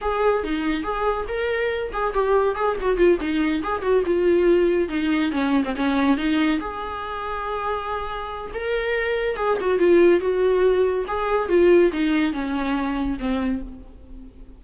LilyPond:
\new Staff \with { instrumentName = "viola" } { \time 4/4 \tempo 4 = 141 gis'4 dis'4 gis'4 ais'4~ | ais'8 gis'8 g'4 gis'8 fis'8 f'8 dis'8~ | dis'8 gis'8 fis'8 f'2 dis'8~ | dis'8 cis'8. c'16 cis'4 dis'4 gis'8~ |
gis'1 | ais'2 gis'8 fis'8 f'4 | fis'2 gis'4 f'4 | dis'4 cis'2 c'4 | }